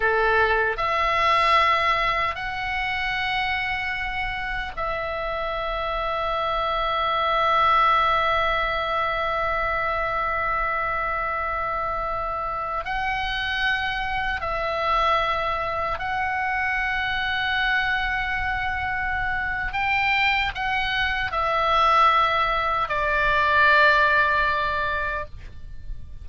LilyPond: \new Staff \with { instrumentName = "oboe" } { \time 4/4 \tempo 4 = 76 a'4 e''2 fis''4~ | fis''2 e''2~ | e''1~ | e''1~ |
e''16 fis''2 e''4.~ e''16~ | e''16 fis''2.~ fis''8.~ | fis''4 g''4 fis''4 e''4~ | e''4 d''2. | }